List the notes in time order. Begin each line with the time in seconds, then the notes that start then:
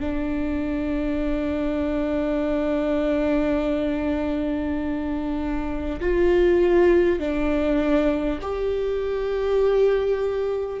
0.00 D4
6.00 F4
7.19 D4
8.41 G4